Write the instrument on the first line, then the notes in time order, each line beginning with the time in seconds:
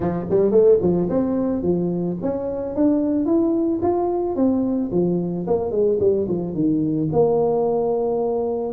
tuba
0.00 F3
0.30 G3
0.51 A3
0.81 F3
1.09 C4
1.62 F3
2.22 C#4
2.75 D4
3.25 E4
3.82 F4
4.35 C4
4.91 F3
5.47 A#3
5.71 G#3
6.00 G3
6.28 F3
6.54 D#3
7.12 A#3